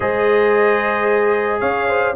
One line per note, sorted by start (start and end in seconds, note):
0.00 1.61 G#3
0.00 2.14 G#4
0.00 1.60 C5
0.00 1.60 D#5
1.60 2.15 C#4
1.60 1.87 C#5
1.60 2.14 F5
1.88 2.15 C5